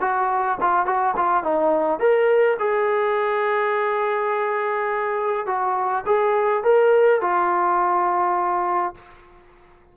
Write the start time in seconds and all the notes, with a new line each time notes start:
0.00 F#4
0.60 F4
0.86 F#4
1.16 F4
1.43 D#4
1.99 A#4
2.59 G#4
5.46 F#4
6.06 G#4
6.63 A#4
7.21 F4